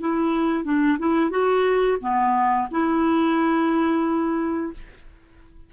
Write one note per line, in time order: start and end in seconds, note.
0.00 0.64 E4
0.64 0.97 D4
0.98 1.30 E4
1.30 1.97 F#4
2.00 2.68 B3
2.71 4.73 E4